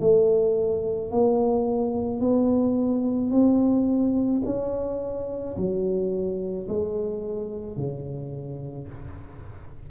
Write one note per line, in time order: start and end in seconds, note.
0.00 1.11 A3
1.11 2.20 A#3
2.20 3.31 B3
3.31 4.42 C4
4.45 5.57 C#4
5.57 6.68 F#3
6.68 7.77 G#3
7.77 8.88 C#3